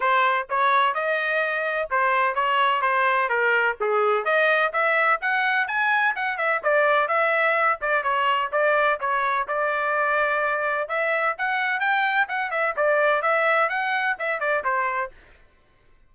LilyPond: \new Staff \with { instrumentName = "trumpet" } { \time 4/4 \tempo 4 = 127 c''4 cis''4 dis''2 | c''4 cis''4 c''4 ais'4 | gis'4 dis''4 e''4 fis''4 | gis''4 fis''8 e''8 d''4 e''4~ |
e''8 d''8 cis''4 d''4 cis''4 | d''2. e''4 | fis''4 g''4 fis''8 e''8 d''4 | e''4 fis''4 e''8 d''8 c''4 | }